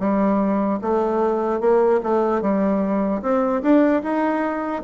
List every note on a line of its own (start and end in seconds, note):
0.00 0.80 G3
0.82 1.60 A3
1.60 2.00 A#3
2.03 2.42 A3
2.42 3.22 G3
3.22 3.62 C4
3.63 4.03 D4
4.03 4.83 D#4